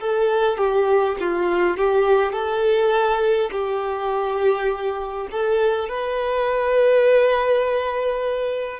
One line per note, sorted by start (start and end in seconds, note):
0.00 0.58 A4
0.58 1.17 G4
1.20 1.77 F4
1.77 2.33 G4
2.33 3.50 A4
3.51 5.28 G4
5.31 5.89 A4
5.89 8.80 B4